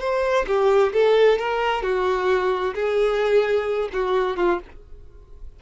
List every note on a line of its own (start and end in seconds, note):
0.00 0.46 C5
0.47 0.93 G4
0.93 1.38 A4
1.38 1.83 A#4
1.83 2.74 F#4
2.75 3.89 G#4
3.93 4.37 F#4
4.37 4.59 F4